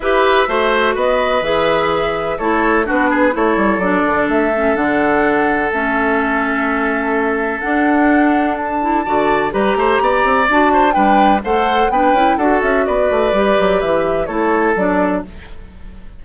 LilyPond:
<<
  \new Staff \with { instrumentName = "flute" } { \time 4/4 \tempo 4 = 126 e''2 dis''4 e''4~ | e''4 cis''4 b'4 cis''4 | d''4 e''4 fis''2 | e''1 |
fis''2 a''2 | ais''2 a''4 g''4 | fis''4 g''4 fis''8 e''8 d''4~ | d''4 e''4 cis''4 d''4 | }
  \new Staff \with { instrumentName = "oboe" } { \time 4/4 b'4 c''4 b'2~ | b'4 a'4 fis'8 gis'8 a'4~ | a'1~ | a'1~ |
a'2. d''4 | b'8 c''8 d''4. c''8 b'4 | c''4 b'4 a'4 b'4~ | b'2 a'2 | }
  \new Staff \with { instrumentName = "clarinet" } { \time 4/4 g'4 fis'2 gis'4~ | gis'4 e'4 d'4 e'4 | d'4. cis'8 d'2 | cis'1 |
d'2~ d'8 e'8 fis'4 | g'2 fis'4 d'4 | a'4 d'8 e'8 fis'2 | g'2 e'4 d'4 | }
  \new Staff \with { instrumentName = "bassoon" } { \time 4/4 e'4 a4 b4 e4~ | e4 a4 b4 a8 g8 | fis8 d8 a4 d2 | a1 |
d'2. d4 | g8 a8 b8 c'8 d'4 g4 | a4 b8 cis'8 d'8 cis'8 b8 a8 | g8 fis8 e4 a4 fis4 | }
>>